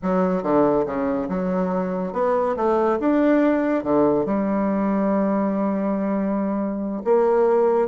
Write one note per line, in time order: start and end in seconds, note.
0.02 0.43 F#3
0.43 0.85 D3
0.85 1.28 C#3
1.28 2.13 F#3
2.13 2.55 B3
2.56 2.98 A3
3.00 3.83 D4
3.83 4.25 D3
4.25 7.02 G3
7.04 7.88 A#3